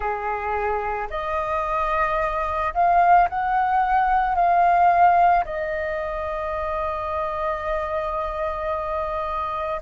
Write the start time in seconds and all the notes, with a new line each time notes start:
0.00 G#4
1.10 D#5
2.73 F5
3.29 F#5
4.35 F5
5.44 D#5